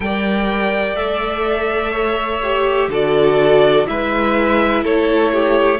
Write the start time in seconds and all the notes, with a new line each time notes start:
0.00 G3 A#4 D5 G5
0.95 A3 A4 E5
1.92 C#5
2.43 G4
2.88 D3 F#4 A4 D5
3.86 G#3 E4 B4 E5
4.82 A3 A4 C#5
5.32 G4